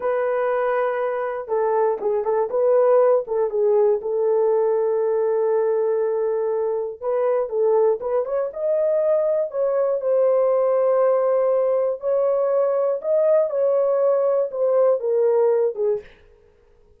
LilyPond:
\new Staff \with { instrumentName = "horn" } { \time 4/4 \tempo 4 = 120 b'2. a'4 | gis'8 a'8 b'4. a'8 gis'4 | a'1~ | a'2 b'4 a'4 |
b'8 cis''8 dis''2 cis''4 | c''1 | cis''2 dis''4 cis''4~ | cis''4 c''4 ais'4. gis'8 | }